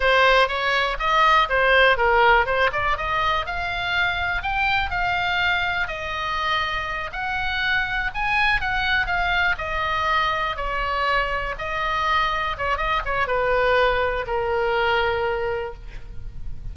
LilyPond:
\new Staff \with { instrumentName = "oboe" } { \time 4/4 \tempo 4 = 122 c''4 cis''4 dis''4 c''4 | ais'4 c''8 d''8 dis''4 f''4~ | f''4 g''4 f''2 | dis''2~ dis''8 fis''4.~ |
fis''8 gis''4 fis''4 f''4 dis''8~ | dis''4. cis''2 dis''8~ | dis''4. cis''8 dis''8 cis''8 b'4~ | b'4 ais'2. | }